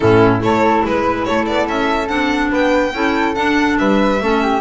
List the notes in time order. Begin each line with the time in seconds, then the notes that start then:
0.00 A2 C#4 E4 A4
0.39 A3 E4 A4 C#5
0.84 G#3 B4
1.24 A3 A4 C#5
1.46 B3 D5
1.67 C#4 E5
2.08 C4 D4 F#5
2.51 B3 B4 G5
2.93 C#4 E4 A4
3.34 D4 F#5
3.78 G3 B4 E5
4.20 A3 C#4 A4
4.42 G4